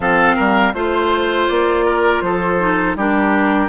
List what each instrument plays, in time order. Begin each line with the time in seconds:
0.00 bassoon F3, clarinet C4, oboe A4, flute F5
0.35 bassoon G3, oboe A#4
0.73 bassoon A3, clarinet F4, flute C5, oboe C5
1.48 bassoon A#3, flute D5
1.85 oboe A#4
2.21 bassoon F3, oboe A4, flute C5
2.59 clarinet D#4
2.95 bassoon G3, clarinet D4, oboe G4, flute A#4